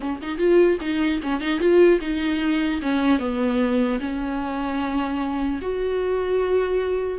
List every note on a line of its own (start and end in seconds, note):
0.00 0.19 C#4
0.21 0.38 D#4
0.38 0.78 F4
0.80 1.20 D#4
1.22 1.40 C#4
1.40 1.59 D#4
1.59 1.99 F4
2.00 2.80 D#4
2.82 3.19 C#4
3.19 3.99 B3
4.00 5.60 C#4
5.61 7.18 F#4